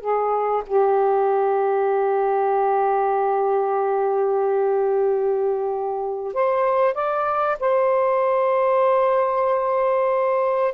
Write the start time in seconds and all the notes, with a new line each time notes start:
0.00 G#4
0.67 G4
6.34 C5
6.94 D5
7.60 C5